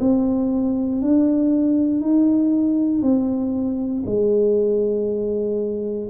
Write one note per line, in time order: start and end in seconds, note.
0.00 1.02 C4
1.02 2.01 D4
2.01 3.02 D#4
3.02 4.04 C4
4.06 6.09 G#3